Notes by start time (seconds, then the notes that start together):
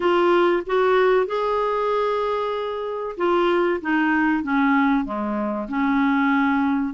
0.00 F4
0.66 F#4
1.26 G#4
3.17 F4
3.81 D#4
4.43 C#4
5.04 G#3
5.68 C#4